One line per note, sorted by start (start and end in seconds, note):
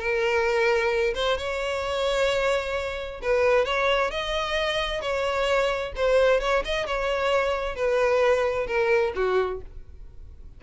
0.00 1.15 A#4
1.15 1.38 C5
1.38 3.21 C#5
3.22 3.66 B4
3.66 4.11 C#5
4.11 5.02 D#5
5.02 5.93 C#5
5.96 6.41 C5
6.41 6.64 C#5
6.65 6.87 D#5
6.87 7.76 C#5
7.76 8.67 B4
8.67 9.13 A#4
9.16 9.61 F#4